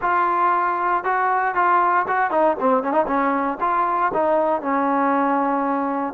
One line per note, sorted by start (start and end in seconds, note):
0.01 1.03 F4
1.03 1.54 F#4
1.54 2.06 F4
2.07 2.31 F#4
2.31 2.56 D#4
2.59 2.83 C4
2.83 2.92 C#4
2.92 3.05 D#4
3.07 3.58 C#4
3.60 4.11 F4
4.13 4.61 D#4
4.61 6.13 C#4